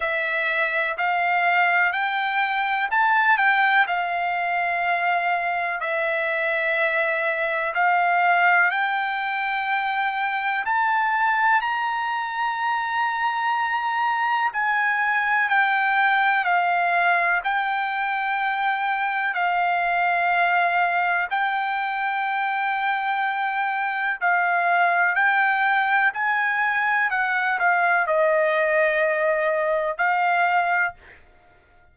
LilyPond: \new Staff \with { instrumentName = "trumpet" } { \time 4/4 \tempo 4 = 62 e''4 f''4 g''4 a''8 g''8 | f''2 e''2 | f''4 g''2 a''4 | ais''2. gis''4 |
g''4 f''4 g''2 | f''2 g''2~ | g''4 f''4 g''4 gis''4 | fis''8 f''8 dis''2 f''4 | }